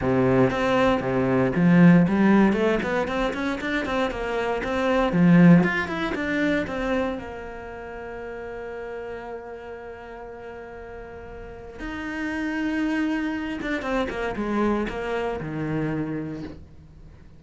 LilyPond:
\new Staff \with { instrumentName = "cello" } { \time 4/4 \tempo 4 = 117 c4 c'4 c4 f4 | g4 a8 b8 c'8 cis'8 d'8 c'8 | ais4 c'4 f4 f'8 e'8 | d'4 c'4 ais2~ |
ais1~ | ais2. dis'4~ | dis'2~ dis'8 d'8 c'8 ais8 | gis4 ais4 dis2 | }